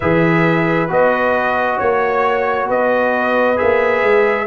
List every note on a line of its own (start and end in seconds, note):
0.00 0.89 E3
0.00 0.88 G#4
0.00 1.76 B4
0.00 0.90 E5
0.88 1.78 B3
0.88 3.56 F#4
0.88 1.79 D#5
1.76 2.69 A#3
1.76 2.66 C#5
1.76 2.68 C#5
2.67 3.59 B3
2.67 4.46 B4
2.67 3.57 D#5
3.56 4.02 A#3
3.56 4.46 G#4
3.56 4.46 E5
4.02 4.46 G#3